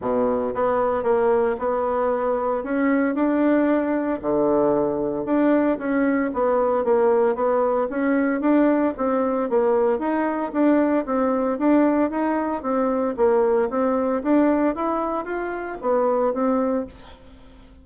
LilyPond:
\new Staff \with { instrumentName = "bassoon" } { \time 4/4 \tempo 4 = 114 b,4 b4 ais4 b4~ | b4 cis'4 d'2 | d2 d'4 cis'4 | b4 ais4 b4 cis'4 |
d'4 c'4 ais4 dis'4 | d'4 c'4 d'4 dis'4 | c'4 ais4 c'4 d'4 | e'4 f'4 b4 c'4 | }